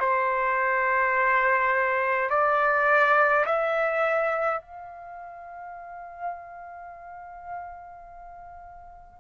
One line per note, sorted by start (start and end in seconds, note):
0.00 2.30 C5
2.30 3.46 D5
3.46 4.62 E5
4.62 9.20 F5